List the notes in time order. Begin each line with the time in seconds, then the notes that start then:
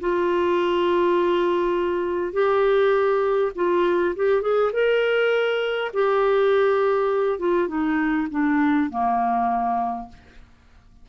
0.00 F4
2.33 G4
3.55 F4
4.16 G4
4.41 G#4
4.72 A#4
5.93 G4
7.39 F4
7.67 D#4
8.30 D4
8.89 A#3